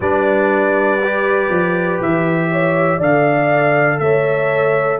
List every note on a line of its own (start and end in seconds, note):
0.00 1.49 G3
0.00 1.01 D4
0.00 2.49 B4
0.00 2.01 D5
1.03 3.00 G4
1.49 1.99 F3
2.00 2.99 E3
2.00 3.01 E5
2.51 2.97 C#5
2.97 3.99 D3
2.97 4.99 A4
2.97 3.97 D5
2.97 3.99 F5
3.99 4.99 A3
3.99 4.99 C#5
3.99 4.99 E5